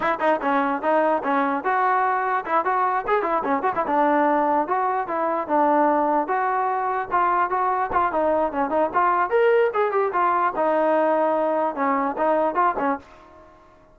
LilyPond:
\new Staff \with { instrumentName = "trombone" } { \time 4/4 \tempo 4 = 148 e'8 dis'8 cis'4 dis'4 cis'4 | fis'2 e'8 fis'4 gis'8 | e'8 cis'8 fis'16 e'16 d'2 fis'8~ | fis'8 e'4 d'2 fis'8~ |
fis'4. f'4 fis'4 f'8 | dis'4 cis'8 dis'8 f'4 ais'4 | gis'8 g'8 f'4 dis'2~ | dis'4 cis'4 dis'4 f'8 cis'8 | }